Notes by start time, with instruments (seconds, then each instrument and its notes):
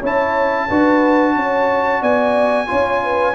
0.00 tuba C#4, trombone E4, horn C#5, trumpet A5
0.68 tuba D4, trombone F#4, horn B4
1.36 tuba C#4, horn C#5
2.01 tuba B3, horn D5, trumpet G#5
2.67 tuba C#4, trombone F4, horn C#5
3.04 horn B4